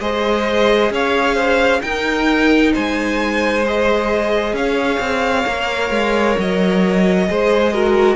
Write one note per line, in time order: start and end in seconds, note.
0.00 0.91 G#3
0.00 1.82 G#4
0.00 0.92 C5
0.00 0.92 D#5
0.91 1.82 C#4
0.91 1.35 C#5
0.91 1.82 F5
1.35 1.80 C5
1.82 3.64 D#4
1.82 2.74 D#4
1.82 2.73 A#4
1.82 2.73 G5
2.73 4.53 G#3
2.73 4.55 C5
2.73 3.66 G#5
3.65 5.46 G#4
3.65 4.56 D#5
4.53 4.99 C#4
4.53 7.29 C#5
4.53 6.38 F5
5.00 5.46 C4
5.46 5.91 A#3
5.46 7.28 A#4
5.91 6.36 G#3
6.38 7.29 F#3
6.38 8.16 D#5
7.28 8.16 G#3
7.28 7.73 G#4
7.28 7.73 C5
7.73 8.16 F#4
7.73 8.16 A#4